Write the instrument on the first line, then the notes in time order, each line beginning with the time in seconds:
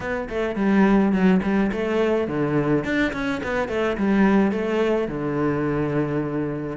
cello
0.00 B3
0.29 A3
0.55 G3
1.12 F#3
1.43 G3
1.72 A3
2.27 D3
2.84 D4
3.12 C#4
3.43 B3
3.68 A3
3.97 G3
4.51 A3
5.08 D3